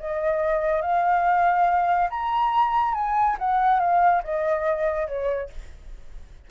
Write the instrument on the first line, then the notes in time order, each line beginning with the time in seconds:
flute
0.00 D#5
0.82 F5
2.10 A#5
2.95 G#5
3.39 F#5
3.80 F5
4.24 D#5
5.08 C#5